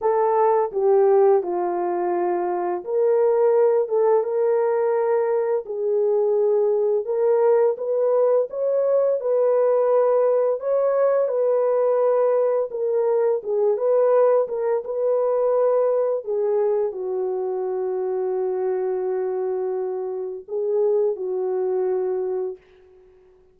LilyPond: \new Staff \with { instrumentName = "horn" } { \time 4/4 \tempo 4 = 85 a'4 g'4 f'2 | ais'4. a'8 ais'2 | gis'2 ais'4 b'4 | cis''4 b'2 cis''4 |
b'2 ais'4 gis'8 b'8~ | b'8 ais'8 b'2 gis'4 | fis'1~ | fis'4 gis'4 fis'2 | }